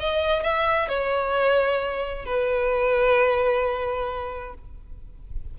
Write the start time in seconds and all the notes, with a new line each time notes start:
0.00 D#5
0.43 E5
0.89 C#5
2.25 B4